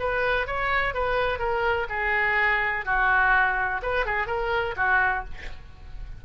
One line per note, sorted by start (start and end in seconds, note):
0.00 0.47 B4
0.47 0.95 C#5
0.95 1.39 B4
1.39 1.87 A#4
1.90 2.86 G#4
2.86 3.82 F#4
3.83 4.06 B4
4.06 4.27 G#4
4.27 4.75 A#4
4.77 5.25 F#4